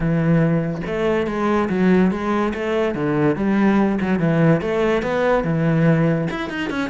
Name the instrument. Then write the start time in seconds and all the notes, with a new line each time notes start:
cello
0.00 E3
0.86 A3
1.27 G#3
1.69 F#3
2.11 G#3
2.54 A3
2.94 D3
3.35 G3
4.01 F#3
4.19 E3
4.61 A3
5.02 B3
5.44 E3
6.30 E4
6.49 D#4
6.69 C#4